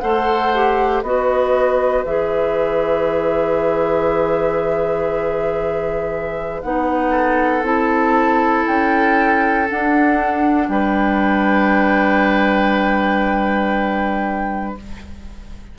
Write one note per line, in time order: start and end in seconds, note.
0.00 1.03 A3
0.00 0.53 A4
0.00 1.04 C5
0.00 1.02 F#5
0.54 1.05 G4
1.03 2.04 B3
1.03 2.06 F#4
1.03 7.11 B4
1.03 2.05 D#5
2.06 6.63 E3
2.06 6.63 G#4
2.06 6.62 E5
6.62 7.63 B3
6.62 7.64 D#4
6.62 7.64 F#5
7.11 10.67 A4
7.63 8.64 C4
7.63 9.67 E4
7.63 8.67 A5
8.67 9.70 C#4
8.67 9.69 G5
9.69 14.77 D4
9.69 10.69 D4
9.69 10.69 F#5
10.69 14.76 G3
10.69 14.79 B4
10.69 14.76 G5